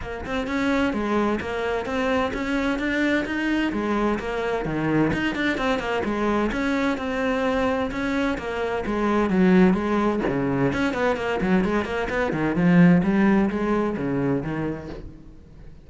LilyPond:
\new Staff \with { instrumentName = "cello" } { \time 4/4 \tempo 4 = 129 ais8 c'8 cis'4 gis4 ais4 | c'4 cis'4 d'4 dis'4 | gis4 ais4 dis4 dis'8 d'8 | c'8 ais8 gis4 cis'4 c'4~ |
c'4 cis'4 ais4 gis4 | fis4 gis4 cis4 cis'8 b8 | ais8 fis8 gis8 ais8 b8 dis8 f4 | g4 gis4 cis4 dis4 | }